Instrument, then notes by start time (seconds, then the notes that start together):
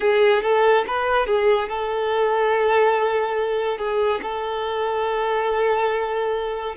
violin
0.00 G#4
0.42 A4
0.87 B4
1.26 G#4
1.69 A4
3.78 G#4
4.22 A4